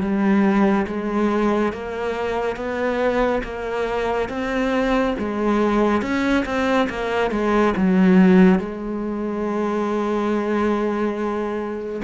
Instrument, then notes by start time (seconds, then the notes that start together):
cello
0.00 G3
0.87 G#3
1.72 A#3
2.56 B3
3.43 A#3
4.29 C4
5.18 G#3
6.02 C#4
6.45 C4
6.89 A#3
7.31 G#3
7.76 F#3
8.59 G#3